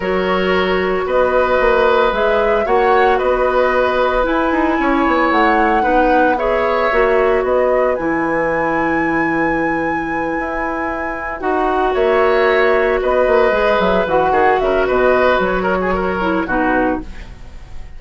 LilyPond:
<<
  \new Staff \with { instrumentName = "flute" } { \time 4/4 \tempo 4 = 113 cis''2 dis''2 | e''4 fis''4 dis''2 | gis''2 fis''2 | e''2 dis''4 gis''4~ |
gis''1~ | gis''4. fis''4 e''4.~ | e''8 dis''4. e''8 fis''4 e''8 | dis''4 cis''2 b'4 | }
  \new Staff \with { instrumentName = "oboe" } { \time 4/4 ais'2 b'2~ | b'4 cis''4 b'2~ | b'4 cis''2 b'4 | cis''2 b'2~ |
b'1~ | b'2~ b'8 cis''4.~ | cis''8 b'2~ b'8 gis'8 ais'8 | b'4. ais'16 gis'16 ais'4 fis'4 | }
  \new Staff \with { instrumentName = "clarinet" } { \time 4/4 fis'1 | gis'4 fis'2. | e'2. dis'4 | gis'4 fis'2 e'4~ |
e'1~ | e'4. fis'2~ fis'8~ | fis'4. gis'4 fis'4.~ | fis'2~ fis'8 e'8 dis'4 | }
  \new Staff \with { instrumentName = "bassoon" } { \time 4/4 fis2 b4 ais4 | gis4 ais4 b2 | e'8 dis'8 cis'8 b8 a4 b4~ | b4 ais4 b4 e4~ |
e2.~ e8 e'8~ | e'4. dis'4 ais4.~ | ais8 b8 ais8 gis8 fis8 e8 dis8 cis8 | b,4 fis2 b,4 | }
>>